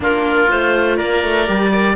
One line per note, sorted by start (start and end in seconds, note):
0.00 0.47 A#3
0.00 0.48 D4
0.00 0.96 F4
0.00 0.50 A#4
0.48 0.99 A3
0.48 1.46 F4
0.48 0.97 C5
0.96 1.23 A#3
0.96 1.70 A#4
0.96 1.95 D5
1.23 1.48 A3
1.46 1.95 G3
1.46 1.71 G4
1.72 1.95 A#4
1.72 1.95 D5